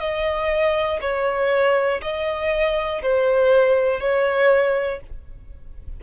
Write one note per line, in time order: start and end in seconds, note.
0.00 1.00 D#5
1.01 2.01 C#5
2.01 3.01 D#5
3.02 4.00 C5
4.00 5.00 C#5